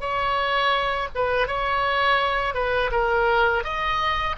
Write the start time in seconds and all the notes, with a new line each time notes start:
0.00 C#5
1.15 B4
1.48 C#5
2.54 B4
2.91 A#4
3.63 D#5